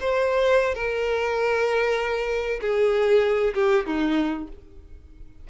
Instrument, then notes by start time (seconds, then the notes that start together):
violin
0.00 C5
0.75 A#4
2.61 G#4
3.54 G4
3.86 D#4